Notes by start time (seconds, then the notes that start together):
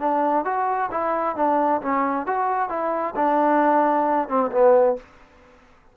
0.00 D4
0.45 F#4
0.91 E4
1.36 D4
1.82 C#4
2.27 F#4
2.69 E4
3.16 D4
4.29 C4
4.52 B3